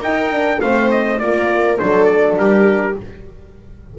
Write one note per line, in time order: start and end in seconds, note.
0.00 0.59 D#4
0.00 0.31 D#4
0.00 0.59 A#4
0.00 0.60 G5
0.31 0.60 D4
0.60 1.20 A3
0.60 1.20 C4
0.60 1.20 C5
0.60 0.90 F5
0.91 1.18 D#5
1.18 1.79 A#3
1.18 1.79 F4
1.18 1.80 A#4
1.18 1.77 D5
1.78 2.36 F#3
1.78 2.96 D4
1.78 2.39 A4
1.78 2.05 C5
2.05 2.34 D5
2.36 2.94 G3
2.36 2.98 G4
2.36 2.97 A#4